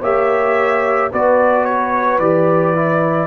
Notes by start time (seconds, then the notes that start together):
0.00 A#3 G4 C#5 E5
1.11 B3 F#4 B4 D5
1.64 C#5
2.18 E3 G4 D5
2.75 E4